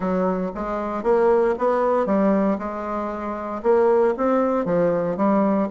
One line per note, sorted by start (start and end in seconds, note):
0.00 0.51 F#3
0.54 1.03 G#3
1.03 1.54 A#3
1.58 2.05 B3
2.05 2.57 G3
2.58 3.62 G#3
3.62 4.14 A#3
4.17 4.65 C4
4.65 5.16 F3
5.16 5.68 G3